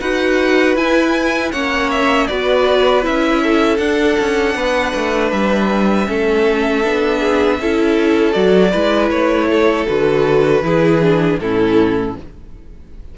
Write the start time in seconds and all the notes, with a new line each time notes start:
0.00 D#4 F#4 B4 F#5
0.76 E4 G#5
1.52 A#3 C#4 C#5 F#5
1.91 E5
2.27 B3 F#4 B4 D5
3.02 C#4 E4 E5
3.42 A4
3.77 D4 F#5
4.20 C#4
4.55 B3 B4
4.95 A3
5.31 G3 E5
6.06 A3 C#4 A4
6.84 B3 D4
7.20 G#4
7.60 C#4 E4 A4
8.33 F#3 F#4 D5
8.71 G#3 E4 B4
9.10 A3 C#5
9.51 A4
9.87 D3 F#4 B4
10.61 E3 E4 G#4
11.01 D4
11.40 A2 C#4 E4 A4